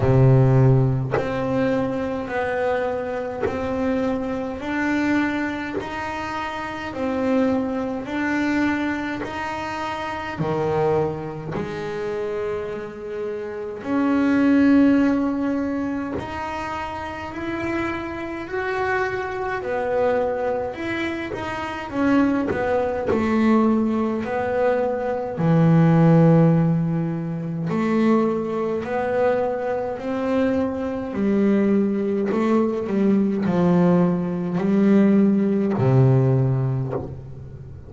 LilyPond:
\new Staff \with { instrumentName = "double bass" } { \time 4/4 \tempo 4 = 52 c4 c'4 b4 c'4 | d'4 dis'4 c'4 d'4 | dis'4 dis4 gis2 | cis'2 dis'4 e'4 |
fis'4 b4 e'8 dis'8 cis'8 b8 | a4 b4 e2 | a4 b4 c'4 g4 | a8 g8 f4 g4 c4 | }